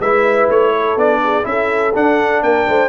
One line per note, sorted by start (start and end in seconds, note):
0.00 0.48 G#3
0.00 0.98 E4
0.00 0.72 B4
0.00 0.50 E5
0.50 0.97 A3
0.50 0.99 C#5
0.72 1.20 A4
0.97 1.45 B3
0.97 1.44 D4
0.97 1.46 D5
1.24 1.48 G#4
1.44 1.94 C#4
1.44 1.92 E4
1.44 1.94 E5
1.50 2.45 A4
1.94 2.90 D4
1.94 2.43 D4
1.94 2.43 F#5
2.43 2.67 A#3
2.43 2.68 A#4
2.43 2.90 G5
2.68 2.90 A3
2.68 2.90 C5